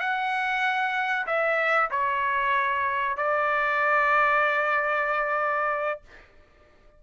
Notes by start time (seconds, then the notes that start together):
0.00 F#5
1.27 E5
1.91 C#5
3.17 D5